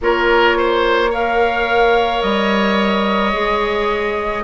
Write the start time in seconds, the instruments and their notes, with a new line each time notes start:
0.00 bassoon A#3, clarinet F4, oboe A#4, flute C#5
0.57 oboe C5
1.10 clarinet A#4, oboe C#5, flute F5
2.22 bassoon G3, flute D#5
3.33 bassoon G#3, clarinet G#4